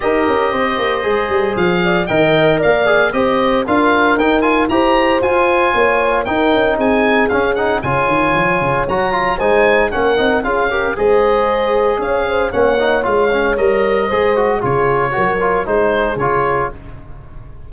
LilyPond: <<
  \new Staff \with { instrumentName = "oboe" } { \time 4/4 \tempo 4 = 115 dis''2. f''4 | g''4 f''4 dis''4 f''4 | g''8 gis''8 ais''4 gis''2 | g''4 gis''4 f''8 fis''8 gis''4~ |
gis''4 ais''4 gis''4 fis''4 | f''4 dis''2 f''4 | fis''4 f''4 dis''2 | cis''2 c''4 cis''4 | }
  \new Staff \with { instrumentName = "horn" } { \time 4/4 ais'4 c''2~ c''8 d''8 | dis''4 d''4 c''4 ais'4~ | ais'4 c''2 cis''4 | ais'4 gis'2 cis''4~ |
cis''2 c''4 ais'4 | gis'8 ais'8 c''2 cis''8 c''8 | cis''2. c''4 | gis'4 ais'4 gis'2 | }
  \new Staff \with { instrumentName = "trombone" } { \time 4/4 g'2 gis'2 | ais'4. gis'8 g'4 f'4 | dis'8 f'8 g'4 f'2 | dis'2 cis'8 dis'8 f'4~ |
f'4 fis'8 f'8 dis'4 cis'8 dis'8 | f'8 g'8 gis'2. | cis'8 dis'8 f'8 cis'8 ais'4 gis'8 fis'8 | f'4 fis'8 f'8 dis'4 f'4 | }
  \new Staff \with { instrumentName = "tuba" } { \time 4/4 dis'8 cis'8 c'8 ais8 gis8 g8 f4 | dis4 ais4 c'4 d'4 | dis'4 e'4 f'4 ais4 | dis'8 cis'8 c'4 cis'4 cis8 dis8 |
f8 cis8 fis4 gis4 ais8 c'8 | cis'4 gis2 cis'4 | ais4 gis4 g4 gis4 | cis4 fis4 gis4 cis4 | }
>>